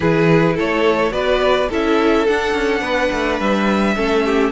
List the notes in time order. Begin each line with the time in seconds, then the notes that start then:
0.00 E3 E4 G#4 B4
0.54 A3 A4 C#5
1.10 B3 F#4 B4 D5
1.69 C#4 E4 A4 E5
2.26 D4 F#5
2.53 C#4
2.80 B3 B4
3.12 A3
3.39 G3 E5
3.95 A3 C#4 A4
4.24 G4